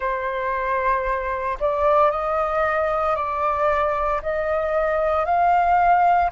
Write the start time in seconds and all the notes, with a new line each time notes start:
0.00 C5
1.59 D5
2.11 D#5
3.15 D5
4.22 D#5
5.25 F5